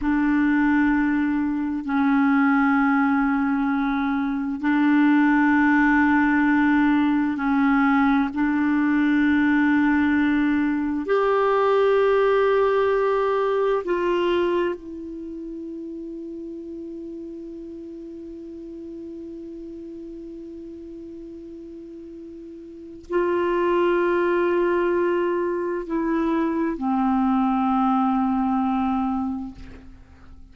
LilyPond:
\new Staff \with { instrumentName = "clarinet" } { \time 4/4 \tempo 4 = 65 d'2 cis'2~ | cis'4 d'2. | cis'4 d'2. | g'2. f'4 |
e'1~ | e'1~ | e'4 f'2. | e'4 c'2. | }